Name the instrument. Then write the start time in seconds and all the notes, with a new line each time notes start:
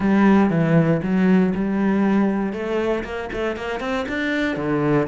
cello
0.00 G3
0.50 E3
1.02 F#3
1.54 G3
2.52 A3
3.04 A#3
3.32 A3
3.56 A#3
3.80 C4
4.08 D4
4.56 D3